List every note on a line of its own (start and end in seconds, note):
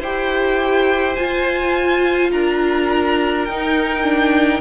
0.00 1.16 E4
0.00 1.18 G4
0.00 2.31 C5
0.00 1.15 G5
1.15 2.33 F4
1.15 3.49 F4
1.15 2.31 G#5
2.31 3.48 D4
2.31 4.61 A#4
2.31 3.45 A#5
3.45 4.61 D#4
3.45 4.03 D#4
3.45 4.60 G5
4.03 4.60 D4